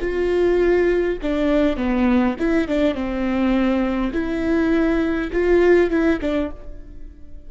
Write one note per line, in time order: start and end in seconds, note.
0.00 1.18 F4
1.22 1.77 D4
1.77 2.36 B3
2.39 2.68 E4
2.68 2.95 D4
2.95 4.12 C4
4.13 5.30 E4
5.33 5.90 F4
5.90 6.19 E4
6.21 6.50 D4